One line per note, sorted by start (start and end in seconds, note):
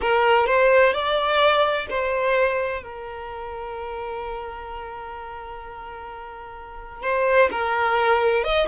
0.01 0.46 A#4
0.46 0.93 C5
0.93 1.86 D5
1.89 2.82 C5
2.82 7.02 A#4
7.02 7.49 C5
7.51 8.44 A#4
8.44 8.67 D#5